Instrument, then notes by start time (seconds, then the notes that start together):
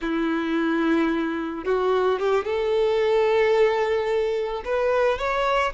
violin
0.01 E4
1.64 F#4
2.19 G4
2.44 A4
4.65 B4
5.18 C#5